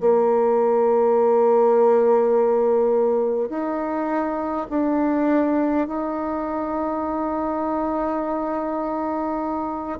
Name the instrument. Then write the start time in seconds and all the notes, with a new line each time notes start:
bassoon
0.00 A#3
3.49 D#4
4.70 D4
5.87 D#4